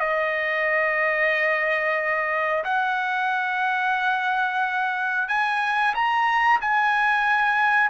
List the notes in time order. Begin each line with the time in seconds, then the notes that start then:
0.00 D#5
2.64 F#5
5.28 G#5
5.94 A#5
6.61 G#5